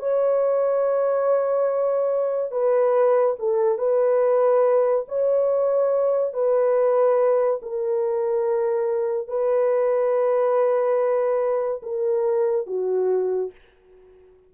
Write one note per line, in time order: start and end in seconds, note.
0.00 2.52 C#5
2.52 3.36 B4
3.40 3.79 A4
3.79 5.06 B4
5.09 6.34 C#5
6.34 7.61 B4
7.62 9.28 A#4
9.28 11.82 B4
11.83 12.67 A#4
12.67 13.52 F#4